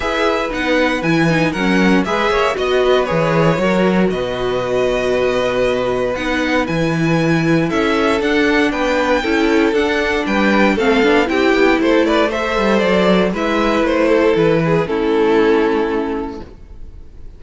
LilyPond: <<
  \new Staff \with { instrumentName = "violin" } { \time 4/4 \tempo 4 = 117 e''4 fis''4 gis''4 fis''4 | e''4 dis''4 cis''2 | dis''1 | fis''4 gis''2 e''4 |
fis''4 g''2 fis''4 | g''4 f''4 g''4 c''8 d''8 | e''4 d''4 e''4 c''4 | b'4 a'2. | }
  \new Staff \with { instrumentName = "violin" } { \time 4/4 b'2. ais'4 | b'8 cis''8 dis''8 b'4. ais'4 | b'1~ | b'2. a'4~ |
a'4 b'4 a'2 | b'4 a'4 g'4 a'8 b'8 | c''2 b'4. a'8~ | a'8 gis'8 e'2. | }
  \new Staff \with { instrumentName = "viola" } { \time 4/4 gis'4 dis'4 e'8 dis'8 cis'4 | gis'4 fis'4 gis'4 fis'4~ | fis'1 | dis'4 e'2. |
d'2 e'4 d'4~ | d'4 c'8 d'8 e'2 | a'2 e'2~ | e'4 cis'2. | }
  \new Staff \with { instrumentName = "cello" } { \time 4/4 e'4 b4 e4 fis4 | gis8 ais8 b4 e4 fis4 | b,1 | b4 e2 cis'4 |
d'4 b4 cis'4 d'4 | g4 a8 b8 c'8 b8 a4~ | a8 g8 fis4 gis4 a4 | e4 a2. | }
>>